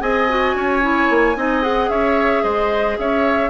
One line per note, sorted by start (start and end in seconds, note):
0.00 0.54 C4
0.00 0.27 G#4
0.00 0.56 D#5
0.00 1.62 G#5
0.28 0.81 F#4
0.55 1.09 C#4
0.55 1.37 C#5
0.81 1.35 E4
1.09 1.36 A#3
1.35 1.89 C4
1.35 1.62 D#4
1.35 1.90 D#5
1.62 3.49 G#4
1.62 1.89 F#5
1.89 2.43 C#4
1.89 2.43 C#5
1.89 2.43 E5
2.43 2.97 G#3
2.43 2.97 C5
2.43 2.97 D#5
2.98 3.49 C#4
2.98 3.49 C#5
2.98 3.49 E5